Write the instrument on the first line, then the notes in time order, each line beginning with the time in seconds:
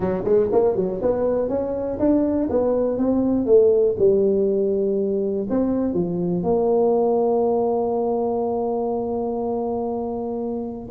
tuba
0.00 F#3
0.24 G#3
0.52 A#3
0.76 F#3
1.01 B3
1.49 C#4
1.99 D4
2.49 B3
2.97 C4
3.46 A3
3.98 G3
5.49 C4
5.93 F3
6.43 A#3